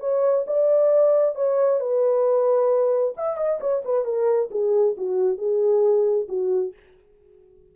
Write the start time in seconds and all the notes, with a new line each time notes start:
0.00 C#5
0.47 D5
1.35 C#5
1.80 B4
3.17 E5
3.37 D#5
3.61 C#5
3.85 B4
4.05 A#4
4.51 G#4
4.97 F#4
5.38 G#4
6.28 F#4